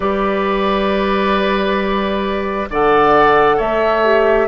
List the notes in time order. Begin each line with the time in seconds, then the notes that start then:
0.00 G3 G4 B4 D5
2.69 D3 A4 D5 F#5
3.57 A3 C#5 E5
4.04 G4